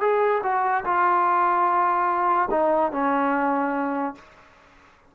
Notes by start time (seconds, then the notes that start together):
0.00 G#4
0.43 F#4
0.84 F4
2.50 D#4
2.91 C#4